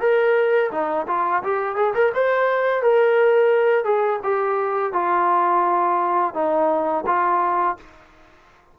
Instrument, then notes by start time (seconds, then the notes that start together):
trombone
0.00 A#4
0.71 D#4
1.07 F4
1.43 G4
1.76 G#4
1.94 A#4
2.14 C5
2.82 A#4
3.84 G#4
4.23 G4
4.93 F4
6.34 D#4
7.06 F4